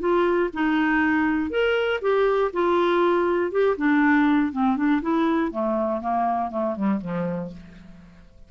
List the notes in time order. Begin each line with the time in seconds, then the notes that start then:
0.00 F4
0.54 D#4
1.50 A#4
2.02 G4
2.53 F4
3.52 G4
3.77 D4
4.52 C4
4.77 D4
5.02 E4
5.52 A3
6.01 A#3
6.51 A3
6.76 G3
7.01 F3